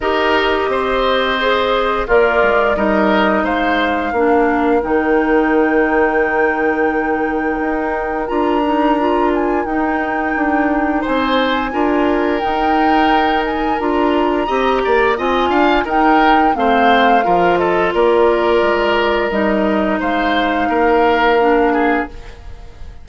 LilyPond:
<<
  \new Staff \with { instrumentName = "flute" } { \time 4/4 \tempo 4 = 87 dis''2. d''4 | dis''4 f''2 g''4~ | g''1 | ais''4. gis''8 g''2 |
gis''2 g''4. gis''8 | ais''2 gis''4 g''4 | f''4. dis''8 d''2 | dis''4 f''2. | }
  \new Staff \with { instrumentName = "oboe" } { \time 4/4 ais'4 c''2 f'4 | ais'4 c''4 ais'2~ | ais'1~ | ais'1 |
c''4 ais'2.~ | ais'4 dis''8 d''8 dis''8 f''8 ais'4 | c''4 ais'8 a'8 ais'2~ | ais'4 c''4 ais'4. gis'8 | }
  \new Staff \with { instrumentName = "clarinet" } { \time 4/4 g'2 gis'4 ais'4 | dis'2 d'4 dis'4~ | dis'1 | f'8 dis'8 f'4 dis'2~ |
dis'4 f'4 dis'2 | f'4 g'4 f'4 dis'4 | c'4 f'2. | dis'2. d'4 | }
  \new Staff \with { instrumentName = "bassoon" } { \time 4/4 dis'4 c'2 ais8 gis8 | g4 gis4 ais4 dis4~ | dis2. dis'4 | d'2 dis'4 d'4 |
c'4 d'4 dis'2 | d'4 c'8 ais8 c'8 d'8 dis'4 | a4 f4 ais4 gis4 | g4 gis4 ais2 | }
>>